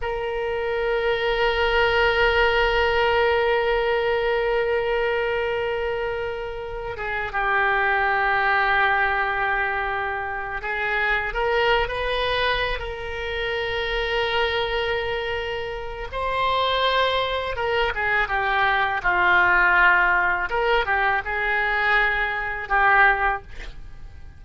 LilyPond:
\new Staff \with { instrumentName = "oboe" } { \time 4/4 \tempo 4 = 82 ais'1~ | ais'1~ | ais'4. gis'8 g'2~ | g'2~ g'8 gis'4 ais'8~ |
ais'16 b'4~ b'16 ais'2~ ais'8~ | ais'2 c''2 | ais'8 gis'8 g'4 f'2 | ais'8 g'8 gis'2 g'4 | }